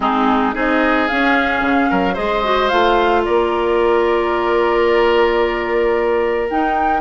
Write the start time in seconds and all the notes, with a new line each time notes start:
0.00 G#3 C4 D#4 G#4
0.54 C4 D#4 G#4 D#5
1.07 C#4 F5
1.61 C#3
1.90 F#3 A#4
2.13 G#3 G#4 C5 D#5
2.43 F#4
2.68 A3 F4 F5
3.24 A#3 A#4 D5
6.49 D#4 G5